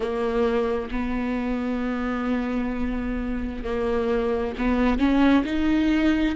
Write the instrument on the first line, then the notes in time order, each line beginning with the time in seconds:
viola
0.00 A#3
0.91 B3
3.64 A#3
4.58 B3
4.98 C#4
5.44 D#4